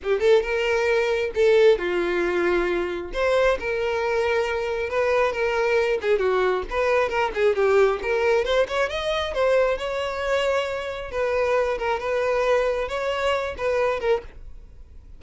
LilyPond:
\new Staff \with { instrumentName = "violin" } { \time 4/4 \tempo 4 = 135 g'8 a'8 ais'2 a'4 | f'2. c''4 | ais'2. b'4 | ais'4. gis'8 fis'4 b'4 |
ais'8 gis'8 g'4 ais'4 c''8 cis''8 | dis''4 c''4 cis''2~ | cis''4 b'4. ais'8 b'4~ | b'4 cis''4. b'4 ais'8 | }